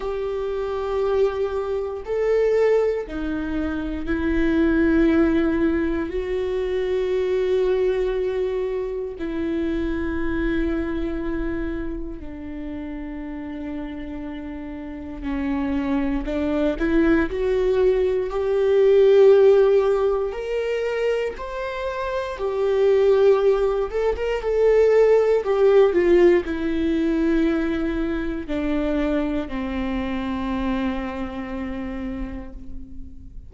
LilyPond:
\new Staff \with { instrumentName = "viola" } { \time 4/4 \tempo 4 = 59 g'2 a'4 dis'4 | e'2 fis'2~ | fis'4 e'2. | d'2. cis'4 |
d'8 e'8 fis'4 g'2 | ais'4 c''4 g'4. a'16 ais'16 | a'4 g'8 f'8 e'2 | d'4 c'2. | }